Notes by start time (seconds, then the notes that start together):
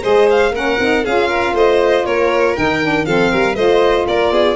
0.00 G#3 G#4 C5 D#5
0.29 F5
0.51 A#3 C#4 A#4 F#5
0.79 C4 D#4
1.04 C#4 F4 G#4 F5
1.28 A#4
1.53 A3 C5 D#5
2.05 A#3 A#4 C#5
2.55 D#3 D#4 G5
2.82 D4
3.05 F3 C4 A4 F5
3.31 G3 A#4
3.55 A3 F4 C5 D#5
4.07 A#3 A#4 D5
4.31 B3 G#4